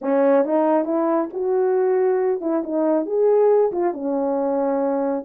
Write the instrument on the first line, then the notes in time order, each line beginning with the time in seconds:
horn
0.01 C#4
0.44 D#4
0.85 E4
1.33 F#4
2.40 E4
2.63 D#4
3.06 G#4
3.71 F4
3.93 C#4